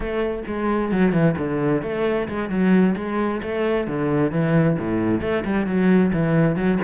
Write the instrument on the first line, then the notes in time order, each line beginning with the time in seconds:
cello
0.00 A3
0.46 G#3
0.91 F#3
1.12 E3
1.38 D3
1.82 A3
2.28 G#3
2.49 F#3
2.96 G#3
3.42 A3
3.87 D3
4.31 E3
4.79 A2
5.21 A3
5.44 G3
5.66 F#3
6.12 E3
6.56 F#3